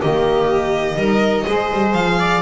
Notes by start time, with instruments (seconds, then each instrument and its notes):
0.00 double bass D#3, saxophone A#3, viola G4, violin D#5
0.95 double bass G3, saxophone D#4, viola A#4
1.46 double bass G#3, saxophone G#4, viola C5
1.71 double bass G3
1.93 double bass F3, violin F5
2.19 viola D5